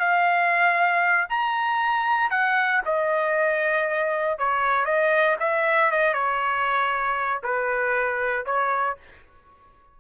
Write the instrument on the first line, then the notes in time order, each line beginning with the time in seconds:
trumpet
0.00 F5
1.30 A#5
2.31 F#5
2.86 D#5
4.39 C#5
4.86 D#5
5.40 E5
5.92 D#5
6.14 C#5
7.44 B4
8.46 C#5